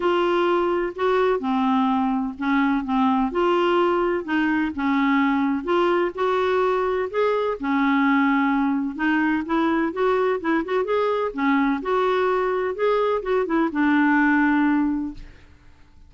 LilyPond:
\new Staff \with { instrumentName = "clarinet" } { \time 4/4 \tempo 4 = 127 f'2 fis'4 c'4~ | c'4 cis'4 c'4 f'4~ | f'4 dis'4 cis'2 | f'4 fis'2 gis'4 |
cis'2. dis'4 | e'4 fis'4 e'8 fis'8 gis'4 | cis'4 fis'2 gis'4 | fis'8 e'8 d'2. | }